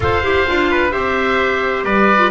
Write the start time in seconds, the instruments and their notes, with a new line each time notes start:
0.00 double bass F4, clarinet A4, trumpet C5, oboe F5
0.22 double bass E4, clarinet G4
0.47 double bass D4, clarinet F4
0.70 trumpet B4
0.90 double bass C4, clarinet G4, trumpet C5, oboe E5
1.84 double bass G3, trumpet B4, oboe D5
2.17 clarinet F4